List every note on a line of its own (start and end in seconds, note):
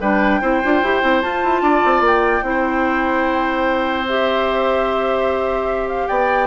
0.00 0.41 G3
0.00 0.41 D4
0.00 0.41 B4
0.00 1.21 G5
0.41 0.62 C4
0.41 0.61 E4
0.41 1.62 C5
0.63 0.82 D4
0.63 0.84 F4
0.82 1.02 E4
0.82 1.01 G4
1.01 1.23 C4
1.01 1.21 E4
1.21 2.43 F4
1.21 1.43 F4
1.21 2.02 A5
1.43 1.61 E4
1.61 1.82 D4
1.61 2.43 D5
1.84 2.00 C4
2.00 2.41 A#3
2.00 4.07 G5
2.41 6.06 C4
2.41 4.05 E4
2.49 6.08 C5
4.07 6.46 G4
4.07 5.88 E5
5.88 6.07 F5
6.07 6.46 B3
6.07 6.46 D5
6.07 6.46 G5